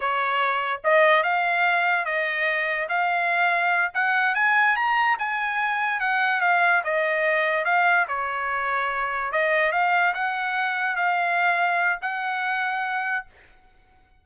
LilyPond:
\new Staff \with { instrumentName = "trumpet" } { \time 4/4 \tempo 4 = 145 cis''2 dis''4 f''4~ | f''4 dis''2 f''4~ | f''4. fis''4 gis''4 ais''8~ | ais''8 gis''2 fis''4 f''8~ |
f''8 dis''2 f''4 cis''8~ | cis''2~ cis''8 dis''4 f''8~ | f''8 fis''2 f''4.~ | f''4 fis''2. | }